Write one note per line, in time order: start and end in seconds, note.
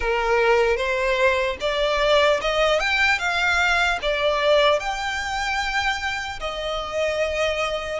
0.00 0.76 A#4
0.76 1.56 C5
1.60 2.40 D5
2.41 2.79 D#5
2.79 3.19 G5
3.19 3.99 F5
4.02 4.79 D5
4.79 6.39 G5
6.40 7.99 D#5